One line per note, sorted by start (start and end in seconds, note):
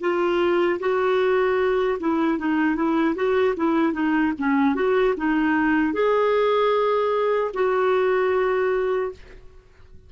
0.00 0.79 F4
0.79 1.98 F#4
1.99 2.38 E4
2.38 2.75 D#4
2.75 3.15 E4
3.15 3.55 F#4
3.56 3.93 E4
3.93 4.32 D#4
4.38 4.75 C#4
4.75 5.14 F#4
5.17 5.93 D#4
5.93 7.51 G#4
7.54 9.11 F#4